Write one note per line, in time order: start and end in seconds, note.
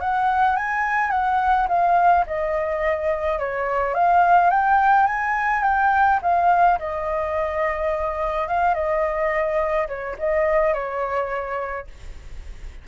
0.00 0.56 F#5
0.56 1.10 G#5
1.10 1.67 F#5
1.68 2.25 F5
2.26 3.39 D#5
3.39 3.94 C#5
3.94 4.50 F5
4.50 5.06 G5
5.06 5.63 G#5
5.63 6.19 G5
6.22 6.78 F5
6.78 8.47 D#5
8.47 8.74 F5
8.74 9.87 D#5
9.87 10.16 C#5
10.18 10.73 D#5
10.73 11.87 C#5